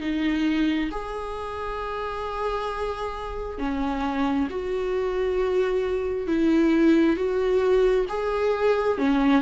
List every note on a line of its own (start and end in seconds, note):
0.00 0.90 D#4
0.91 3.58 G#4
3.58 4.48 C#4
4.50 6.27 F#4
6.27 7.16 E4
7.16 8.06 F#4
8.09 8.98 G#4
8.98 9.42 C#4